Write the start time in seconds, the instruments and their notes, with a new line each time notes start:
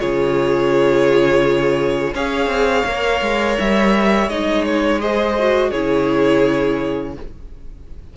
0.00 cello C#3, viola F4, violin G#4 C#5
2.14 cello C#4, viola G#4, violin C#5 F5
2.48 cello C4
2.86 cello A#3, viola A#4
3.22 cello G#3
3.60 cello G3, violin E5
4.29 cello G#3, viola D#4, violin D#5
4.66 violin C#5
5.00 viola G#4, violin C5 D#5
5.39 viola F#4
5.71 cello C#3, viola E4, violin G#4 C#5